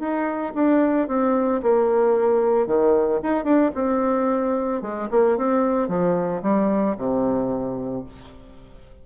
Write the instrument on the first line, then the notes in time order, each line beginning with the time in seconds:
bassoon
0.00 D#4
0.55 D4
1.08 C4
1.63 A#3
2.67 D#3
3.23 D#4
3.45 D4
3.75 C4
4.82 G#3
5.11 A#3
5.38 C4
5.89 F3
6.43 G3
6.98 C3